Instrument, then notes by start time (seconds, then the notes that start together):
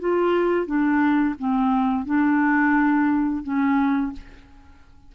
clarinet
0.00 F4
0.66 D4
1.39 C4
2.05 D4
3.43 C#4